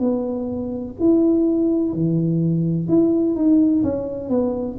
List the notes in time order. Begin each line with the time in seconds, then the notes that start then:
0.00 B3
1.00 E4
1.93 E3
2.89 E4
3.36 D#4
3.84 C#4
4.30 B3